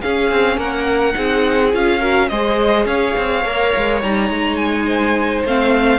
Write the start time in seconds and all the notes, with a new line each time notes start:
0.00 C#4 G#4 F5
0.31 C4
0.57 A#3 A#4 F#5
1.13 C4 D#4 G#4
1.72 C#4 F4 F5
1.99 F#4 A#4
2.28 G#3 G#4 C5 D#5
2.85 C#4 C#5 F5
3.17 C4
3.44 A#3 A#4
3.76 G#3
4.02 G3 D#4 A#5
4.29 G#3
4.56 G#5
4.85 C5
5.45 A3 C4 F5